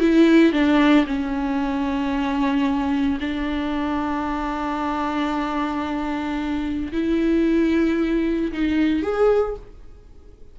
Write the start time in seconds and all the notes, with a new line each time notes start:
0.00 E4
0.52 D4
1.06 C#4
3.20 D4
6.92 E4
8.52 D#4
9.02 G#4